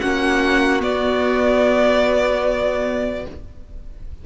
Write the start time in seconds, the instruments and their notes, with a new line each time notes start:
0.00 cello A#3, viola C#4, violin F#4 F#5
0.80 viola B3, cello B3, violin D5